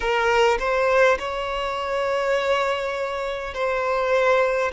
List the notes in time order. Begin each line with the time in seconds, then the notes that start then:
0.00 A#4
0.59 C5
1.18 C#5
3.53 C5